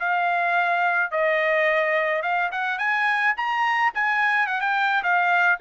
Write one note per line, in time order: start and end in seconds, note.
0.00 1.12 F5
1.12 2.23 D#5
2.23 2.51 F5
2.52 2.79 F#5
2.79 3.35 G#5
3.37 3.93 A#5
3.95 4.47 G#5
4.47 4.61 F#5
4.61 5.03 G5
5.03 5.59 F5